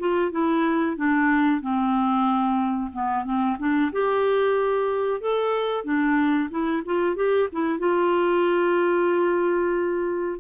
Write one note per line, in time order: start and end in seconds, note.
0.00 0.32 F4
0.32 0.97 E4
0.97 1.61 D4
1.61 2.92 C4
2.93 3.25 B3
3.25 3.58 C4
3.59 3.92 D4
3.93 5.21 G4
5.21 5.85 A4
5.85 6.50 D4
6.50 6.83 E4
6.86 7.16 F4
7.16 7.49 G4
7.53 7.79 E4
7.79 10.40 F4